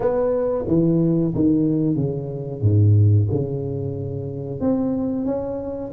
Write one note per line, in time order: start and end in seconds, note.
0.00 0.65 B3
0.67 1.33 E3
1.34 1.96 D#3
1.96 2.61 C#3
2.61 3.27 G#2
3.31 4.60 C#3
4.60 5.25 C4
5.25 5.91 C#4